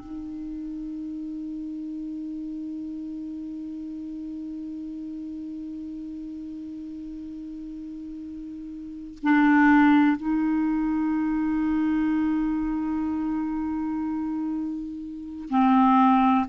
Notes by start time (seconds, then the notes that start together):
0.00 D#4
9.23 D4
10.17 D#4
15.50 C4